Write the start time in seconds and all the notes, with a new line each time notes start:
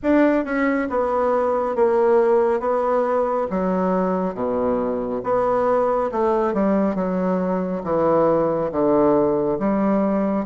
0.02 D4
0.44 C#4
0.89 B3
1.75 A#3
2.60 B3
3.50 F#3
4.34 B2
5.23 B3
6.11 A3
6.53 G3
6.95 F#3
7.83 E3
8.71 D3
9.59 G3